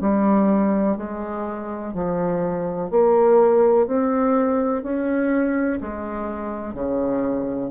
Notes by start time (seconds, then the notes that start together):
0.00 G3
0.97 G#3
1.94 F3
2.90 A#3
3.87 C4
4.83 C#4
5.81 G#3
6.74 C#3